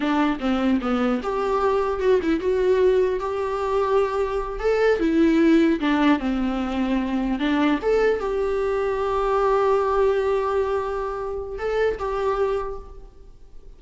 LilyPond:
\new Staff \with { instrumentName = "viola" } { \time 4/4 \tempo 4 = 150 d'4 c'4 b4 g'4~ | g'4 fis'8 e'8 fis'2 | g'2.~ g'8 a'8~ | a'8 e'2 d'4 c'8~ |
c'2~ c'8 d'4 a'8~ | a'8 g'2.~ g'8~ | g'1~ | g'4 a'4 g'2 | }